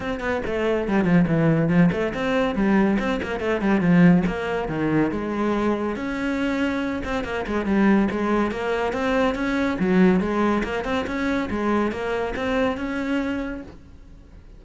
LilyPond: \new Staff \with { instrumentName = "cello" } { \time 4/4 \tempo 4 = 141 c'8 b8 a4 g8 f8 e4 | f8 a8 c'4 g4 c'8 ais8 | a8 g8 f4 ais4 dis4 | gis2 cis'2~ |
cis'8 c'8 ais8 gis8 g4 gis4 | ais4 c'4 cis'4 fis4 | gis4 ais8 c'8 cis'4 gis4 | ais4 c'4 cis'2 | }